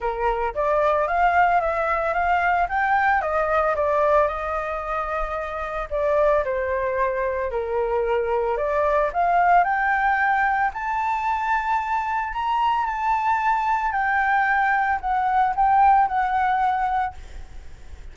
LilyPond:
\new Staff \with { instrumentName = "flute" } { \time 4/4 \tempo 4 = 112 ais'4 d''4 f''4 e''4 | f''4 g''4 dis''4 d''4 | dis''2. d''4 | c''2 ais'2 |
d''4 f''4 g''2 | a''2. ais''4 | a''2 g''2 | fis''4 g''4 fis''2 | }